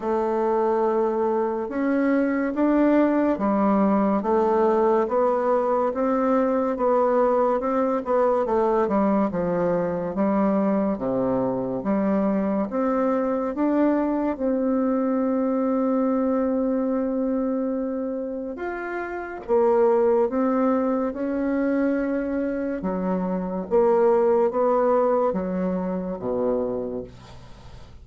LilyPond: \new Staff \with { instrumentName = "bassoon" } { \time 4/4 \tempo 4 = 71 a2 cis'4 d'4 | g4 a4 b4 c'4 | b4 c'8 b8 a8 g8 f4 | g4 c4 g4 c'4 |
d'4 c'2.~ | c'2 f'4 ais4 | c'4 cis'2 fis4 | ais4 b4 fis4 b,4 | }